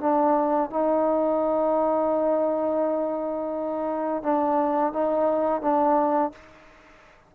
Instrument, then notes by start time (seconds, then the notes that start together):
trombone
0.00 D4
0.70 D#4
4.23 D4
4.93 D#4
5.61 D4